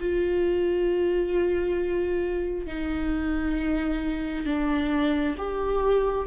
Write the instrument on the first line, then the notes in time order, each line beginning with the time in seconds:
viola
0.00 F4
2.67 D#4
4.46 D4
5.38 G4